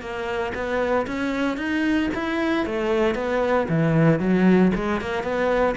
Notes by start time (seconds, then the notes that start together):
0.00 A#3
0.54 B3
1.07 C#4
1.57 D#4
2.14 E4
2.66 A3
3.15 B3
3.69 E3
4.19 F#3
4.75 G#3
5.01 A#3
5.23 B3